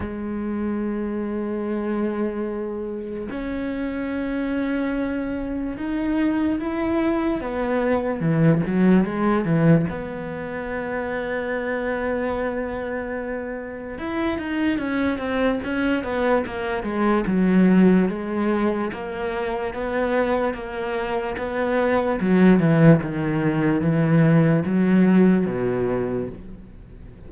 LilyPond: \new Staff \with { instrumentName = "cello" } { \time 4/4 \tempo 4 = 73 gis1 | cis'2. dis'4 | e'4 b4 e8 fis8 gis8 e8 | b1~ |
b4 e'8 dis'8 cis'8 c'8 cis'8 b8 | ais8 gis8 fis4 gis4 ais4 | b4 ais4 b4 fis8 e8 | dis4 e4 fis4 b,4 | }